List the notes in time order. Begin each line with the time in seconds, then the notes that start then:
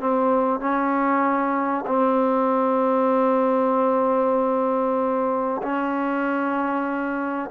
0.00 C4
0.60 C#4
1.86 C4
5.62 C#4